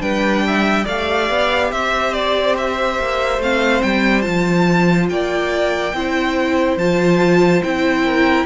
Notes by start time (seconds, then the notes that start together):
0.00 G3 D4 B4 G5
0.47 E5
0.85 A3 G4 D5 F5
1.30 B3
1.71 C4 C5 E5
2.13 D5
2.57 E5
2.99 A#3
3.38 A3 C4 F5
3.82 G3 G5
4.22 F3 F4 A5
5.09 A#3 D5 G5
5.93 C4 E4 C5
6.77 F3 F4 A5
7.63 C4 E4 G5
8.05 A#4